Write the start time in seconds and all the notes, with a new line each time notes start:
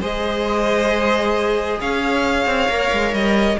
0.00 G#3 G#4 C5 D#5
1.80 C#4 C#5 F5
2.47 C4
2.69 A#3 A#4
2.92 G#3
3.13 G3 D#5